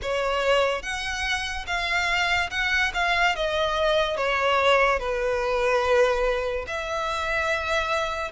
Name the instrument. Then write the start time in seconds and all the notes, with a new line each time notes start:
violin
0.02 C#5
0.82 F#5
1.66 F5
2.50 F#5
2.94 F5
3.35 D#5
4.16 C#5
4.98 B4
6.67 E5